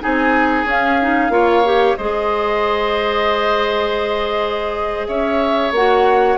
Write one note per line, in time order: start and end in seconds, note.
0.00 0.65 C4
0.00 0.65 D#4
0.00 1.32 G#4
0.00 0.68 G#5
0.65 1.29 C#4
0.65 1.00 C#4
0.65 1.97 F5
1.01 1.31 D#4
1.29 1.94 A#3
1.29 1.63 F4
1.29 1.97 C#5
1.65 1.97 G4
1.97 5.08 G#3
1.97 5.75 G#4
1.97 5.07 C5
1.97 5.07 D#5
5.07 5.71 C#4
5.07 6.38 C#5
5.07 5.72 E5
5.71 6.37 A#3
5.71 6.38 F#4
5.71 6.38 F#5